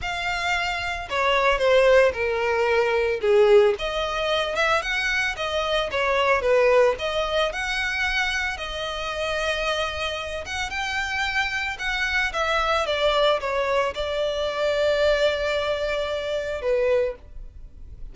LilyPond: \new Staff \with { instrumentName = "violin" } { \time 4/4 \tempo 4 = 112 f''2 cis''4 c''4 | ais'2 gis'4 dis''4~ | dis''8 e''8 fis''4 dis''4 cis''4 | b'4 dis''4 fis''2 |
dis''2.~ dis''8 fis''8 | g''2 fis''4 e''4 | d''4 cis''4 d''2~ | d''2. b'4 | }